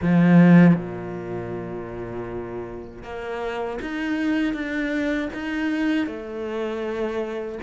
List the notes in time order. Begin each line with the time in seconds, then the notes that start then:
0.02 F3
0.75 A#2
3.03 A#3
3.81 D#4
4.53 D4
5.33 D#4
6.07 A3